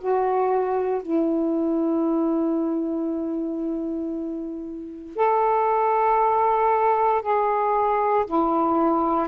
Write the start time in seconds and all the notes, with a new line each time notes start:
0.00 F#4
1.02 E4
5.15 A4
7.22 G#4
8.26 E4